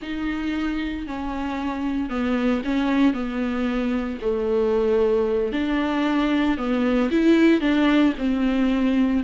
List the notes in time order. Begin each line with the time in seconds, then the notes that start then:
0.02 D#4
1.06 C#4
2.09 B3
2.64 C#4
3.13 B3
4.21 A3
5.52 D4
6.57 B3
7.11 E4
7.60 D4
8.17 C4